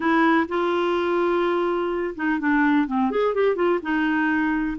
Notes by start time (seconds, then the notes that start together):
0.00 E4
0.48 F4
2.15 D#4
2.39 D4
2.87 C4
3.10 G#4
3.34 G4
3.55 F4
3.82 D#4